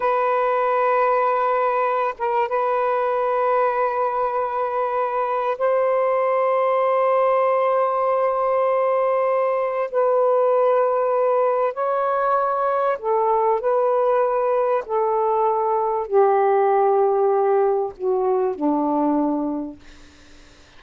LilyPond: \new Staff \with { instrumentName = "saxophone" } { \time 4/4 \tempo 4 = 97 b'2.~ b'8 ais'8 | b'1~ | b'4 c''2.~ | c''1 |
b'2. cis''4~ | cis''4 a'4 b'2 | a'2 g'2~ | g'4 fis'4 d'2 | }